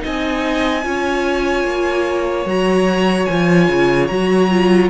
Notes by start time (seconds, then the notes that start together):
0.00 D#4 D#5 G#5
0.06 C4
0.84 C#4 F4 C#5
1.64 A#3
2.45 F#3 F#4 A#5
3.26 F3 F4 G#5
3.68 C#3
4.07 F#3 F#4 A#5
4.51 F4